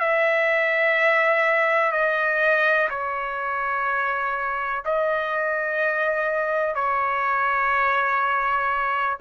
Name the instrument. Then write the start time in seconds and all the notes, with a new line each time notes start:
trumpet
0.00 E5
1.92 D#5
2.90 C#5
4.85 D#5
6.75 C#5